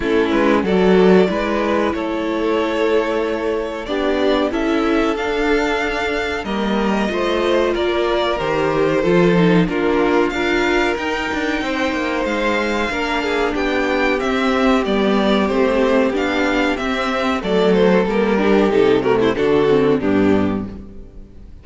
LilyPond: <<
  \new Staff \with { instrumentName = "violin" } { \time 4/4 \tempo 4 = 93 a'8 b'8 d''2 cis''4~ | cis''2 d''4 e''4 | f''2 dis''2 | d''4 c''2 ais'4 |
f''4 g''2 f''4~ | f''4 g''4 e''4 d''4 | c''4 f''4 e''4 d''8 c''8 | ais'4 a'8 ais'16 c''16 a'4 g'4 | }
  \new Staff \with { instrumentName = "violin" } { \time 4/4 e'4 a'4 b'4 a'4~ | a'2 g'4 a'4~ | a'2 ais'4 c''4 | ais'2 a'4 f'4 |
ais'2 c''2 | ais'8 gis'8 g'2.~ | g'2. a'4~ | a'8 g'4 fis'16 e'16 fis'4 d'4 | }
  \new Staff \with { instrumentName = "viola" } { \time 4/4 cis'4 fis'4 e'2~ | e'2 d'4 e'4 | d'2 ais4 f'4~ | f'4 g'4 f'8 dis'8 d'4 |
f'4 dis'2. | d'2 c'4 b4 | c'4 d'4 c'4 a4 | ais8 d'8 dis'8 a8 d'8 c'8 b4 | }
  \new Staff \with { instrumentName = "cello" } { \time 4/4 a8 gis8 fis4 gis4 a4~ | a2 b4 cis'4 | d'2 g4 a4 | ais4 dis4 f4 ais4 |
d'4 dis'8 d'8 c'8 ais8 gis4 | ais4 b4 c'4 g4 | a4 b4 c'4 fis4 | g4 c4 d4 g,4 | }
>>